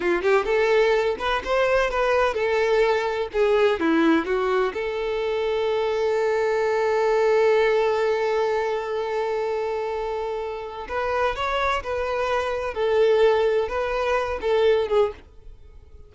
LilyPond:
\new Staff \with { instrumentName = "violin" } { \time 4/4 \tempo 4 = 127 f'8 g'8 a'4. b'8 c''4 | b'4 a'2 gis'4 | e'4 fis'4 a'2~ | a'1~ |
a'1~ | a'2. b'4 | cis''4 b'2 a'4~ | a'4 b'4. a'4 gis'8 | }